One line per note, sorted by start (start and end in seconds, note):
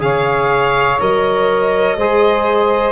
0.00 0.98 C#3
0.00 0.98 G#4
0.00 1.98 C#5
0.00 1.00 F5
1.00 1.97 F#3
1.00 1.98 A#4
1.00 2.92 D#5
1.97 2.92 G#3
1.97 2.92 G#4
1.97 2.92 C5